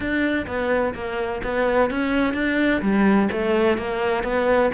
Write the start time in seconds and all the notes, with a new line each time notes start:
0.00 D4
0.46 B3
0.94 A#3
1.43 B3
1.90 C#4
2.33 D4
2.81 G3
3.32 A3
3.77 A#3
4.23 B3